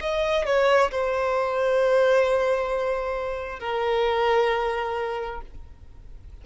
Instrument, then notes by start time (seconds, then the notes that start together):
violin
0.00 D#5
0.45 C#5
0.91 C5
3.60 A#4